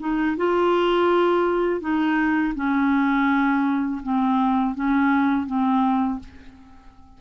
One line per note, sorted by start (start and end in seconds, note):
0.00 0.37 D#4
0.37 1.81 F4
1.81 2.54 D#4
2.55 4.01 C#4
4.03 4.75 C4
4.75 5.46 C#4
5.46 6.20 C4